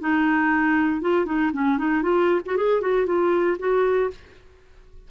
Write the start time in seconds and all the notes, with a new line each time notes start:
0.00 D#4
1.01 F4
1.26 D#4
1.53 C#4
1.78 D#4
2.03 F4
2.45 F#4
2.57 G#4
2.81 F#4
3.06 F4
3.59 F#4